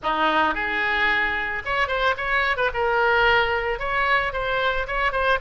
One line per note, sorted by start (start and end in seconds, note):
0.02 0.54 D#4
0.54 1.62 G#4
1.65 1.87 C#5
1.87 2.14 C5
2.17 2.57 C#5
2.57 2.70 B4
2.73 3.79 A#4
3.79 4.32 C#5
4.32 4.86 C5
4.87 5.12 C#5
5.12 5.39 C5